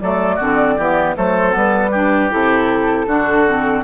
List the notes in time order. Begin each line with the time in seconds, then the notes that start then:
0.00 F#3 A3 A4 D5
0.35 D3 C4 F#4
0.76 E3 B3 G4
1.16 F#3 A3 A4 C5
1.51 G3 B3 B4
1.91 D4 G4
2.30 C3 E4 A4
3.06 D3 D4 F#4
3.46 C4